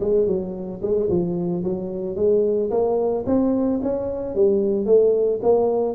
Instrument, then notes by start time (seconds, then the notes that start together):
tuba
0.00 G#3
0.26 F#3
0.82 G#3
1.09 F3
1.63 F#3
2.15 G#3
2.70 A#3
3.26 C4
3.82 C#4
4.35 G3
4.85 A3
5.42 A#3